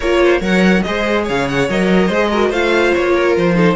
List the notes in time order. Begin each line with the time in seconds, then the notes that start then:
0.00 A#3 F4 A#4 C#5
0.24 C5
0.40 F#3 A#4 C#5 F#5
0.82 G#3 G#4 C5 D#5
1.23 C#3 C#5 F5
1.48 F#5
1.68 F#3 A#4 D#5
2.06 G#3 C5
2.13 G#4
2.30 F#4 A#4
2.49 A3 F4 C5 F5
2.94 A#3 C#5
3.13 A#4
3.36 F3 C5
3.55 D#4 A4